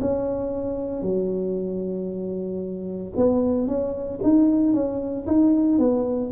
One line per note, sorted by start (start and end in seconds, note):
0.00 1.02 C#4
1.02 3.13 F#3
3.16 3.67 B3
3.67 4.20 C#4
4.23 4.73 D#4
4.73 5.26 C#4
5.26 5.78 D#4
5.78 6.31 B3